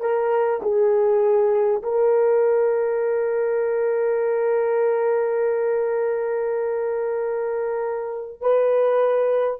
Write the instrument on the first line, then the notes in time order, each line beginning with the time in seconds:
horn
0.00 A#4
0.62 G#4
1.82 A#4
8.41 B4